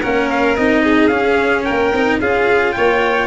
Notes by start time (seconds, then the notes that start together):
0.00 A#3 C#4 A#4 F#5
0.30 F5
0.56 C4 D#4 D#5
0.83 G#4
1.07 C#4 F5
1.64 A#3 A#4 G5
1.93 C4 D#4
2.20 C#4 F4 G#4 F5
2.72 A#3 C#5 G5